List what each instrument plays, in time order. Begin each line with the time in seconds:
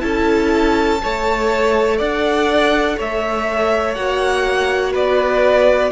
0.00 cello C#4, viola E4, violin A4 A5
1.02 cello A3, viola A4, violin C#5
1.97 cello D4, violin D5 F#5
2.97 cello A3, violin C#5 E5
3.94 cello A#3, viola F#4, violin F#5
4.92 cello B3, violin B4 D5